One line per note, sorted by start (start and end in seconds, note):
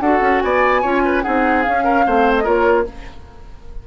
0.00 0.20 D4
0.00 0.83 F#4
0.00 0.43 A4
0.00 0.41 F#5
0.21 0.41 C#4
0.41 0.84 B3
0.41 0.82 D5
0.41 1.22 G#5
0.82 1.25 C#4
0.82 1.23 F4
0.82 1.02 C#5
1.05 1.23 B4
1.22 1.67 C4
1.22 1.64 D#4
1.22 1.84 G#4
1.22 1.62 F#5
1.62 2.05 C#4
1.62 2.06 C#4
1.62 2.34 F5
1.84 2.04 A#4
2.05 2.47 A3
2.05 2.43 C4
2.05 2.44 C5
2.37 2.46 D#5
2.43 2.87 A#3
2.43 2.84 F4
2.43 2.85 A#4
2.43 2.87 C#5